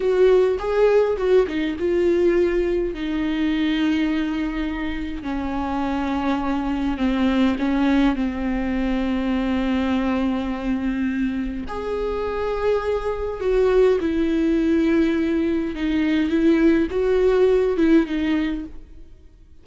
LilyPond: \new Staff \with { instrumentName = "viola" } { \time 4/4 \tempo 4 = 103 fis'4 gis'4 fis'8 dis'8 f'4~ | f'4 dis'2.~ | dis'4 cis'2. | c'4 cis'4 c'2~ |
c'1 | gis'2. fis'4 | e'2. dis'4 | e'4 fis'4. e'8 dis'4 | }